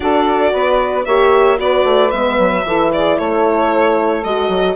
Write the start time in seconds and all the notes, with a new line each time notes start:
0.00 D4 F#4 A4 D5
0.52 B3 B4
1.05 A#3 G4 C#5 E5
1.57 B3 F#4 B4 D5
1.84 A3
2.10 G#3 B3 E5
2.38 F#3
2.64 E3 E4 A4
2.93 G#4 D5
3.17 A3 A4 C#5
4.23 G#3 F#4 D#5
4.48 F#3